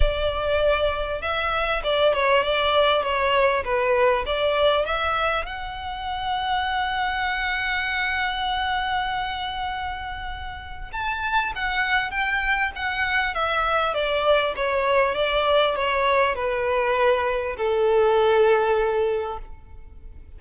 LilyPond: \new Staff \with { instrumentName = "violin" } { \time 4/4 \tempo 4 = 99 d''2 e''4 d''8 cis''8 | d''4 cis''4 b'4 d''4 | e''4 fis''2.~ | fis''1~ |
fis''2 a''4 fis''4 | g''4 fis''4 e''4 d''4 | cis''4 d''4 cis''4 b'4~ | b'4 a'2. | }